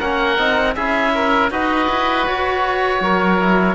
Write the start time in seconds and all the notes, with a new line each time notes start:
0.00 A#3 C#4 A#4 F#5
0.39 C4 D#4
0.75 C#4 E4 G#4 E5
1.15 A#4
1.51 D#4 F#4 B4 D#5
1.90 E4
2.27 F#4 C#5
3.01 F#3 A#4
3.40 E4